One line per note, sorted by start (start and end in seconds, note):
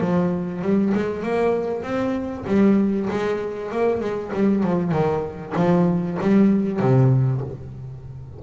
0.00 0.62 F3
0.62 0.93 G3
0.94 1.23 G#3
1.23 1.82 A#3
1.82 2.44 C4
2.47 3.08 G3
3.10 3.71 G#3
3.71 4.00 A#3
4.00 4.31 G#3
4.33 4.63 G3
4.63 4.91 F3
4.91 5.53 D#3
5.56 6.18 F3
6.21 6.79 G3
6.79 7.41 C3